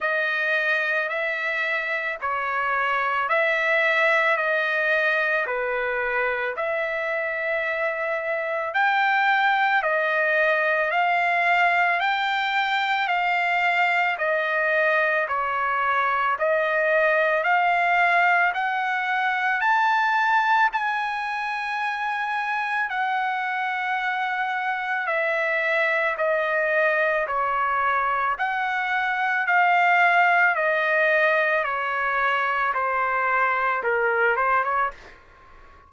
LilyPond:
\new Staff \with { instrumentName = "trumpet" } { \time 4/4 \tempo 4 = 55 dis''4 e''4 cis''4 e''4 | dis''4 b'4 e''2 | g''4 dis''4 f''4 g''4 | f''4 dis''4 cis''4 dis''4 |
f''4 fis''4 a''4 gis''4~ | gis''4 fis''2 e''4 | dis''4 cis''4 fis''4 f''4 | dis''4 cis''4 c''4 ais'8 c''16 cis''16 | }